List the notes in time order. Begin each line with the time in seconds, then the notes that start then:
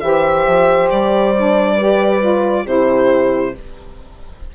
0.00 E3 G4 C5 E5
0.46 F3
0.90 G3 D5
1.36 D4
1.76 G4 B4
2.20 F4
2.65 C3 E4 G4 C5